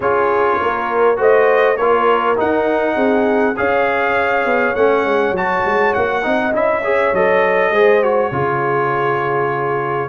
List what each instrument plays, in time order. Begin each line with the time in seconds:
0.00 tuba C#4, trombone F4, horn G#4, trumpet C#5
0.60 tuba A#3, horn A#4
1.16 tuba A3, trombone F#4, horn C5, trumpet D#5
1.76 tuba A#3, trombone F4, horn A#4, trumpet C#5
2.36 trombone D#4, tuba D#4, trumpet F#5
2.95 tuba C4, horn G#4
3.56 tuba C#4, trombone G#4, horn C#5, trumpet F5
4.45 tuba B3
4.75 tuba A3, trombone C#4, trumpet F#5
5.04 tuba G#3
5.31 tuba F#3, trombone F#4, trumpet A5
5.65 tuba G#3
5.93 tuba A#3, trumpet F#5
6.22 tuba C4, trombone D#4, horn D#5
6.52 tuba C#4, trombone E4, trumpet E5
6.82 trombone G#4, horn C#5
7.12 tuba F#3, trombone A4, trumpet D#5
7.70 tuba G#3, trombone G#4, horn C5
8.02 trombone F#4, trumpet C#5
8.31 tuba C#3, trombone F4, horn G#4